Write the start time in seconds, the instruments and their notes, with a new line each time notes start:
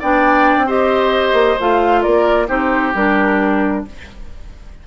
0.00 bassoon B3, clarinet D4, oboe D5, flute G5
0.57 bassoon C4
0.67 clarinet G4, oboe C5, flute D#5
1.33 bassoon A#3
1.60 bassoon A3, clarinet F4, flute F5
2.02 bassoon A#3, oboe A#4, flute D5
2.48 bassoon C4, clarinet D#4, oboe G4, flute C5
2.95 bassoon G3, clarinet D4, flute A#4